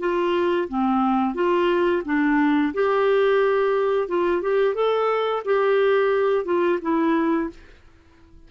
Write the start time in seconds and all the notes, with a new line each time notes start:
0.00 F4
0.69 C4
1.35 F4
2.05 D4
2.74 G4
4.08 F4
4.42 G4
4.75 A4
5.45 G4
6.45 F4
6.82 E4